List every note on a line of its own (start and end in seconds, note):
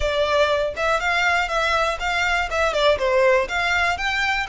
0.00 0.74 D5
0.76 1.00 E5
1.00 1.48 F5
1.48 1.98 E5
1.99 2.49 F5
2.50 2.73 E5
2.73 2.98 D5
2.98 3.47 C5
3.48 3.97 F5
3.97 4.47 G5